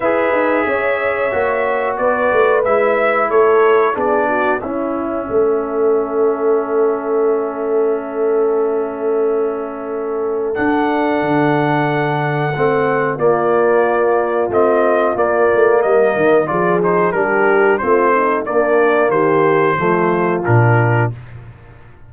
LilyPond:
<<
  \new Staff \with { instrumentName = "trumpet" } { \time 4/4 \tempo 4 = 91 e''2. d''4 | e''4 cis''4 d''4 e''4~ | e''1~ | e''1 |
fis''1 | d''2 dis''4 d''4 | dis''4 d''8 c''8 ais'4 c''4 | d''4 c''2 ais'4 | }
  \new Staff \with { instrumentName = "horn" } { \time 4/4 b'4 cis''2 b'4~ | b'4 a'4 gis'8 fis'8 e'4 | a'1~ | a'1~ |
a'1 | f'1 | ais'4 gis'4 g'4 f'8 dis'8 | d'4 g'4 f'2 | }
  \new Staff \with { instrumentName = "trombone" } { \time 4/4 gis'2 fis'2 | e'2 d'4 cis'4~ | cis'1~ | cis'1 |
d'2. c'4 | ais2 c'4 ais4~ | ais4 f'8 dis'8 d'4 c'4 | ais2 a4 d'4 | }
  \new Staff \with { instrumentName = "tuba" } { \time 4/4 e'8 dis'8 cis'4 ais4 b8 a8 | gis4 a4 b4 cis'4 | a1~ | a1 |
d'4 d2 a4 | ais2 a4 ais8 a8 | g8 dis8 f4 g4 a4 | ais4 dis4 f4 ais,4 | }
>>